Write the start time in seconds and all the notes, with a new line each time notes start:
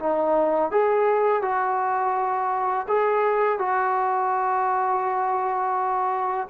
0.00 D#4
0.72 G#4
1.43 F#4
2.88 G#4
3.59 F#4